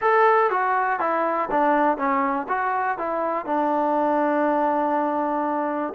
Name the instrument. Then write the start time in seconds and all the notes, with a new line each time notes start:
trombone
0.01 A4
0.50 F#4
0.99 E4
1.50 D4
1.97 C#4
2.48 F#4
2.98 E4
3.45 D4